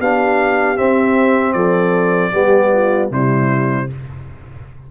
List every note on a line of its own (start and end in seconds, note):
0.00 0.78 B3
0.00 0.76 D4
0.00 1.56 G4
0.00 0.78 F5
0.76 2.32 C4
0.76 1.55 C4
0.76 1.53 E5
1.53 2.32 F3
1.53 2.32 A4
1.53 3.09 D5
2.32 3.11 G3
2.32 3.10 B3
2.32 2.71 G4
2.73 3.11 F4
3.10 3.89 C3
3.10 3.88 G3
3.10 3.89 E4
3.10 3.91 C5